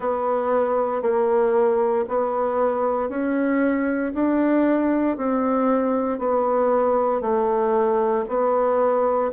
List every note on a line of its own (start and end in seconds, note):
0.00 1.02 B3
1.02 2.05 A#3
2.08 3.09 B3
3.09 4.12 C#4
4.14 5.17 D4
5.17 6.18 C4
6.18 7.21 B3
7.21 8.24 A3
8.28 9.31 B3